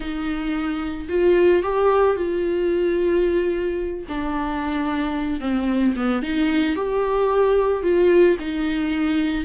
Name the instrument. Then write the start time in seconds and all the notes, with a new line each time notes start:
viola
0.00 D#4
1.08 F4
1.62 G4
2.16 F4
4.08 D4
5.40 C4
5.96 B3
6.22 D#4
6.75 G4
7.82 F4
8.39 D#4